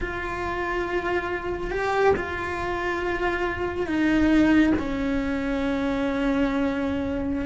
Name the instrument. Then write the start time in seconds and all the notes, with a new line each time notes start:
cello
0.01 F4
1.71 G4
2.16 F4
3.86 D#4
4.78 C#4